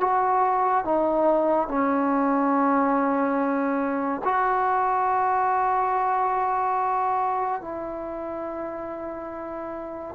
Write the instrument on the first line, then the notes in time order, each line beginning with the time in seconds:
trombone
0.00 F#4
0.85 D#4
1.68 C#4
4.24 F#4
7.61 E4